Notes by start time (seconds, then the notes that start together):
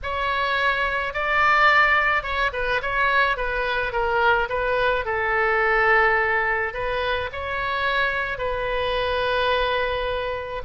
0.02 C#5
1.13 D5
2.23 C#5
2.53 B4
2.82 C#5
3.36 B4
3.92 A#4
4.49 B4
5.05 A4
6.73 B4
7.32 C#5
8.38 B4